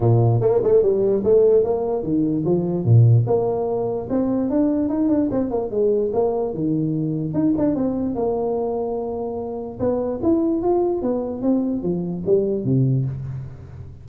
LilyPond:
\new Staff \with { instrumentName = "tuba" } { \time 4/4 \tempo 4 = 147 ais,4 ais8 a8 g4 a4 | ais4 dis4 f4 ais,4 | ais2 c'4 d'4 | dis'8 d'8 c'8 ais8 gis4 ais4 |
dis2 dis'8 d'8 c'4 | ais1 | b4 e'4 f'4 b4 | c'4 f4 g4 c4 | }